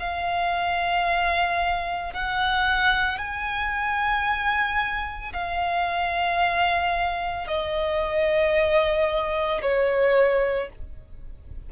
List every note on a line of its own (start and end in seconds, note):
0.00 2.14 F5
2.14 3.19 F#5
3.19 5.33 G#5
5.34 7.48 F5
7.48 9.62 D#5
9.62 10.69 C#5